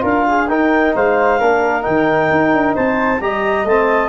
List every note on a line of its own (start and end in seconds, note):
0.00 0.48 D4
0.00 0.45 F4
0.00 0.25 A#4
0.00 0.48 F5
0.28 0.49 G#4
0.48 0.94 D#4
0.48 1.40 D#4
0.48 0.95 A#4
0.48 0.93 G5
0.95 1.41 G#3
0.95 1.39 C5
0.95 1.83 F5
1.39 1.86 A#3
1.39 1.82 D4
1.39 2.75 A#4
1.82 2.31 D#3
1.82 3.18 D#4
1.82 2.74 G5
2.31 2.53 D#4
2.53 2.76 D4
2.75 3.20 C4
2.75 3.20 C5
2.75 3.21 A5
3.20 3.64 G3
3.20 3.66 G4
3.20 4.09 D#5
3.20 3.66 A#5
3.64 4.09 A3
3.64 4.09 C4
3.64 4.09 A5